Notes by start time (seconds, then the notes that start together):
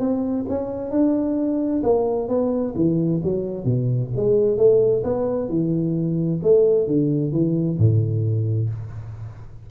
0.00 C4
0.49 C#4
0.91 D4
1.83 A#3
2.29 B3
2.76 E3
3.24 F#3
3.65 B2
4.16 G#3
4.57 A3
5.04 B3
5.49 E3
6.43 A3
6.87 D3
7.32 E3
7.78 A2